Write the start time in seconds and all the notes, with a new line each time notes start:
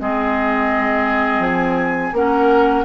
0.00 G#3 C4 G#4 D#5
1.39 F3 G#5
2.13 A#3 C#4 A#4 F#5